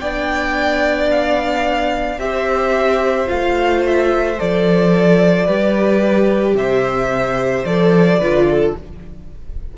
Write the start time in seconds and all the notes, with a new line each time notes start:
0.00 B3 D4 D5 G5
1.11 F5
2.18 C4 G4 E5
2.25 C5
3.27 A3 F4 F5
3.87 E5
4.38 F3 A4 D5
5.45 G3 G4 B4
6.54 C3 C5 E5
7.65 F3 A4 D5
8.18 D3 F4 B4
8.50 A4